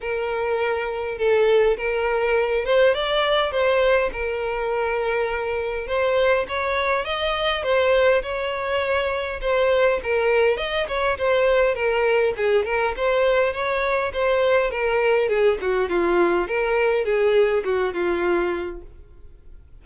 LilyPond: \new Staff \with { instrumentName = "violin" } { \time 4/4 \tempo 4 = 102 ais'2 a'4 ais'4~ | ais'8 c''8 d''4 c''4 ais'4~ | ais'2 c''4 cis''4 | dis''4 c''4 cis''2 |
c''4 ais'4 dis''8 cis''8 c''4 | ais'4 gis'8 ais'8 c''4 cis''4 | c''4 ais'4 gis'8 fis'8 f'4 | ais'4 gis'4 fis'8 f'4. | }